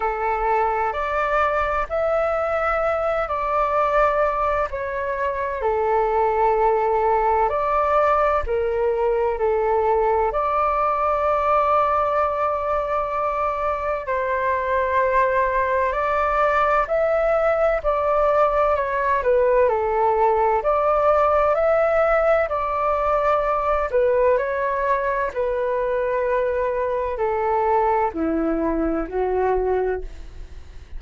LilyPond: \new Staff \with { instrumentName = "flute" } { \time 4/4 \tempo 4 = 64 a'4 d''4 e''4. d''8~ | d''4 cis''4 a'2 | d''4 ais'4 a'4 d''4~ | d''2. c''4~ |
c''4 d''4 e''4 d''4 | cis''8 b'8 a'4 d''4 e''4 | d''4. b'8 cis''4 b'4~ | b'4 a'4 e'4 fis'4 | }